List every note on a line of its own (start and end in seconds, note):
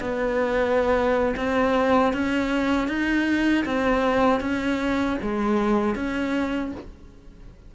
0.00 1.35 B3
1.36 2.13 C4
2.13 2.88 C#4
2.88 3.65 D#4
3.65 4.40 C4
4.40 5.17 C#4
5.22 5.95 G#3
5.95 6.72 C#4